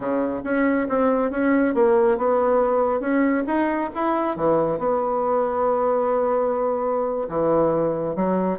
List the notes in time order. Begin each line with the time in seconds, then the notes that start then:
0.00 C#3
0.44 C#4
0.89 C4
1.30 C#4
1.74 A#3
2.17 B3
3.00 C#4
3.46 D#4
3.94 E4
4.36 E3
4.78 B3
7.28 E3
8.15 F#3